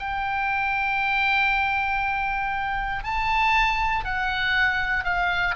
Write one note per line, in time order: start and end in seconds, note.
0.00 3.04 G5
3.04 4.05 A5
4.05 5.05 F#5
5.05 5.55 F5